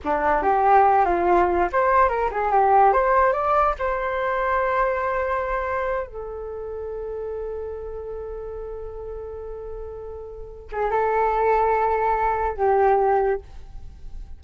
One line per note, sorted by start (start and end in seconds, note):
0.04 0.42 D4
0.42 1.05 G4
1.05 1.68 F4
1.72 2.08 C5
2.08 2.29 A#4
2.31 2.51 G#4
2.51 2.92 G4
2.92 3.33 C5
3.33 3.75 D5
3.79 6.06 C5
6.06 10.68 A4
10.72 10.91 G#4
10.91 12.56 A4
12.56 13.40 G4